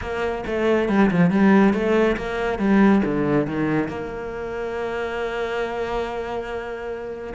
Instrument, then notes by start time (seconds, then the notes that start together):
cello
0.01 A#3
0.46 A3
0.88 G3
1.10 F3
1.30 G3
1.73 A3
2.17 A#3
2.59 G3
3.05 D3
3.46 D#3
3.88 A#3